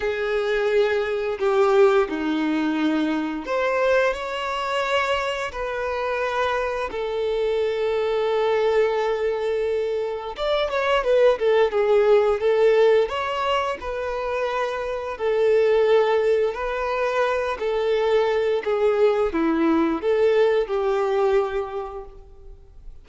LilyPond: \new Staff \with { instrumentName = "violin" } { \time 4/4 \tempo 4 = 87 gis'2 g'4 dis'4~ | dis'4 c''4 cis''2 | b'2 a'2~ | a'2. d''8 cis''8 |
b'8 a'8 gis'4 a'4 cis''4 | b'2 a'2 | b'4. a'4. gis'4 | e'4 a'4 g'2 | }